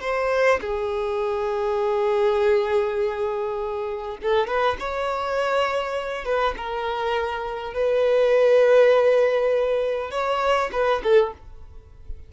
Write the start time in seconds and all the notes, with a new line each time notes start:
0.00 C5
0.60 G#4
4.22 A4
4.47 B4
4.79 C#5
6.25 B4
6.57 A#4
7.74 B4
10.11 C#5
10.72 B4
11.03 A4